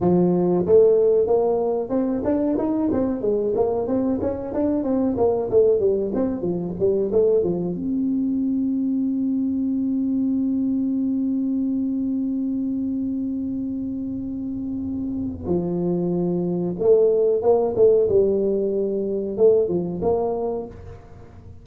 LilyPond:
\new Staff \with { instrumentName = "tuba" } { \time 4/4 \tempo 4 = 93 f4 a4 ais4 c'8 d'8 | dis'8 c'8 gis8 ais8 c'8 cis'8 d'8 c'8 | ais8 a8 g8 c'8 f8 g8 a8 f8 | c'1~ |
c'1~ | c'1 | f2 a4 ais8 a8 | g2 a8 f8 ais4 | }